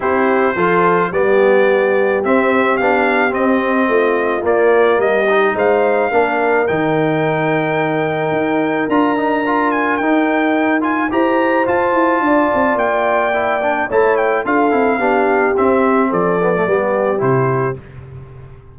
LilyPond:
<<
  \new Staff \with { instrumentName = "trumpet" } { \time 4/4 \tempo 4 = 108 c''2 d''2 | e''4 f''4 dis''2 | d''4 dis''4 f''2 | g''1 |
ais''4. gis''8 g''4. gis''8 | ais''4 a''2 g''4~ | g''4 a''8 g''8 f''2 | e''4 d''2 c''4 | }
  \new Staff \with { instrumentName = "horn" } { \time 4/4 g'4 a'4 g'2~ | g'2. f'4~ | f'4 g'4 c''4 ais'4~ | ais'1~ |
ais'1 | c''2 d''2~ | d''4 cis''4 a'4 g'4~ | g'4 a'4 g'2 | }
  \new Staff \with { instrumentName = "trombone" } { \time 4/4 e'4 f'4 b2 | c'4 d'4 c'2 | ais4. dis'4. d'4 | dis'1 |
f'8 dis'8 f'4 dis'4. f'8 | g'4 f'2. | e'8 d'8 e'4 f'8 e'8 d'4 | c'4. b16 a16 b4 e'4 | }
  \new Staff \with { instrumentName = "tuba" } { \time 4/4 c'4 f4 g2 | c'4 b4 c'4 a4 | ais4 g4 gis4 ais4 | dis2. dis'4 |
d'2 dis'2 | e'4 f'8 e'8 d'8 c'8 ais4~ | ais4 a4 d'8 c'8 b4 | c'4 f4 g4 c4 | }
>>